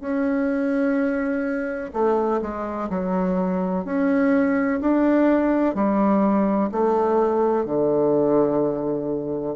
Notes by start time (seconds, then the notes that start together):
0.00 C#4
1.93 A3
2.41 G#3
2.89 F#3
3.84 C#4
4.81 D4
5.74 G3
6.71 A3
7.65 D3